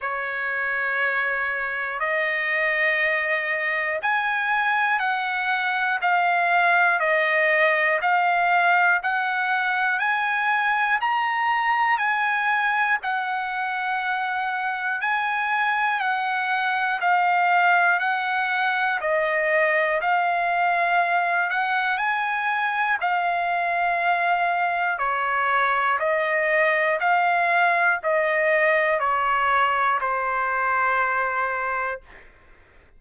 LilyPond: \new Staff \with { instrumentName = "trumpet" } { \time 4/4 \tempo 4 = 60 cis''2 dis''2 | gis''4 fis''4 f''4 dis''4 | f''4 fis''4 gis''4 ais''4 | gis''4 fis''2 gis''4 |
fis''4 f''4 fis''4 dis''4 | f''4. fis''8 gis''4 f''4~ | f''4 cis''4 dis''4 f''4 | dis''4 cis''4 c''2 | }